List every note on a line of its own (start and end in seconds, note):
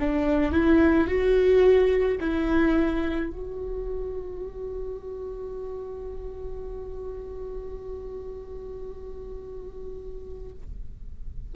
0.00 0.52 D4
0.52 1.08 E4
1.08 2.19 F#4
2.20 3.31 E4
3.31 10.53 F#4